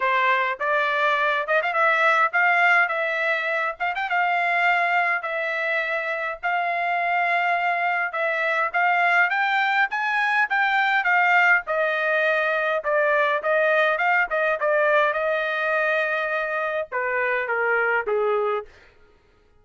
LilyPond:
\new Staff \with { instrumentName = "trumpet" } { \time 4/4 \tempo 4 = 103 c''4 d''4. dis''16 f''16 e''4 | f''4 e''4. f''16 g''16 f''4~ | f''4 e''2 f''4~ | f''2 e''4 f''4 |
g''4 gis''4 g''4 f''4 | dis''2 d''4 dis''4 | f''8 dis''8 d''4 dis''2~ | dis''4 b'4 ais'4 gis'4 | }